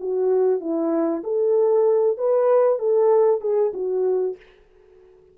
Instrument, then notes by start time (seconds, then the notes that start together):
horn
0.00 F#4
0.61 E4
1.24 A4
2.18 B4
2.79 A4
3.41 G#4
3.74 F#4